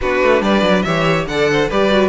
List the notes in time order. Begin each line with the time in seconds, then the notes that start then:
0.01 B3 D4 F#4 B4
0.22 A3
0.41 G3 B4 D5
0.62 F#3
0.82 E3 G4 C#5 E5
1.26 D3 A4 D5 F#5
1.51 C5
1.68 G3 G4 B4 D5
1.90 F#4